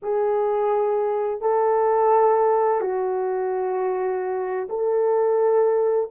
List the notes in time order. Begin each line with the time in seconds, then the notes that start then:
0.02 G#4
1.41 A4
2.80 F#4
4.69 A4